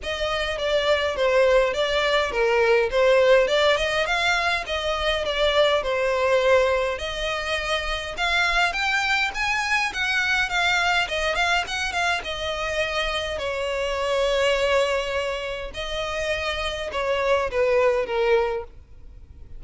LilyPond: \new Staff \with { instrumentName = "violin" } { \time 4/4 \tempo 4 = 103 dis''4 d''4 c''4 d''4 | ais'4 c''4 d''8 dis''8 f''4 | dis''4 d''4 c''2 | dis''2 f''4 g''4 |
gis''4 fis''4 f''4 dis''8 f''8 | fis''8 f''8 dis''2 cis''4~ | cis''2. dis''4~ | dis''4 cis''4 b'4 ais'4 | }